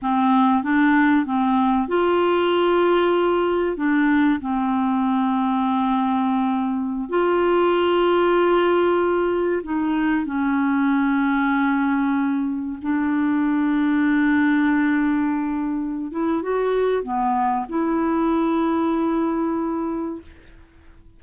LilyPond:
\new Staff \with { instrumentName = "clarinet" } { \time 4/4 \tempo 4 = 95 c'4 d'4 c'4 f'4~ | f'2 d'4 c'4~ | c'2.~ c'16 f'8.~ | f'2.~ f'16 dis'8.~ |
dis'16 cis'2.~ cis'8.~ | cis'16 d'2.~ d'8.~ | d'4. e'8 fis'4 b4 | e'1 | }